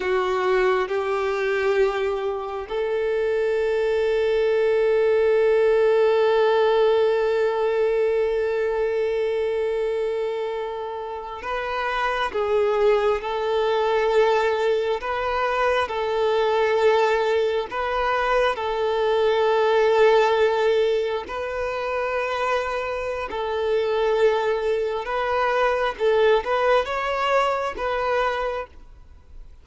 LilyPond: \new Staff \with { instrumentName = "violin" } { \time 4/4 \tempo 4 = 67 fis'4 g'2 a'4~ | a'1~ | a'1~ | a'8. b'4 gis'4 a'4~ a'16~ |
a'8. b'4 a'2 b'16~ | b'8. a'2. b'16~ | b'2 a'2 | b'4 a'8 b'8 cis''4 b'4 | }